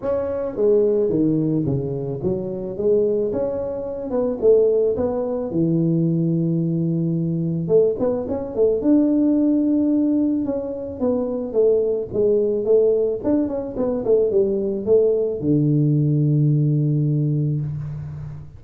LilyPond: \new Staff \with { instrumentName = "tuba" } { \time 4/4 \tempo 4 = 109 cis'4 gis4 dis4 cis4 | fis4 gis4 cis'4. b8 | a4 b4 e2~ | e2 a8 b8 cis'8 a8 |
d'2. cis'4 | b4 a4 gis4 a4 | d'8 cis'8 b8 a8 g4 a4 | d1 | }